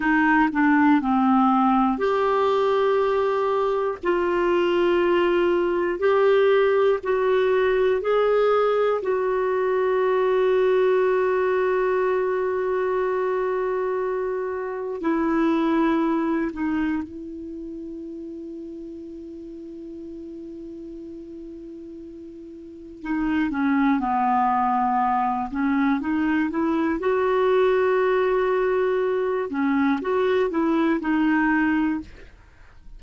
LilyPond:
\new Staff \with { instrumentName = "clarinet" } { \time 4/4 \tempo 4 = 60 dis'8 d'8 c'4 g'2 | f'2 g'4 fis'4 | gis'4 fis'2.~ | fis'2. e'4~ |
e'8 dis'8 e'2.~ | e'2. dis'8 cis'8 | b4. cis'8 dis'8 e'8 fis'4~ | fis'4. cis'8 fis'8 e'8 dis'4 | }